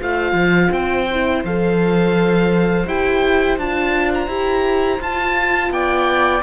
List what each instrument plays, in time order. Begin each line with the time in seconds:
0.00 cello A3, horn F4, viola C5, oboe F5
0.33 cello F3
0.72 cello C4, oboe G5
1.11 horn E4
1.44 cello F3, horn A4, oboe F5
2.87 cello E4, horn G4, oboe G5
3.58 cello D4, horn F4, oboe A5
4.14 oboe A#5
4.28 cello E4, horn G4
5.01 cello F4, horn F4, oboe A5
5.71 cello B3, viola D5, oboe G5